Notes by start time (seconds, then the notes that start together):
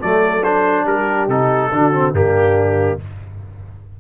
0.00 F#3 A3 A4 D5
0.43 D4 C5
0.84 G3 G4 A#4
1.28 C3 D#4 A4
1.72 D3 D4 F#4
1.92 C4
2.12 G2 A#3 D4 G4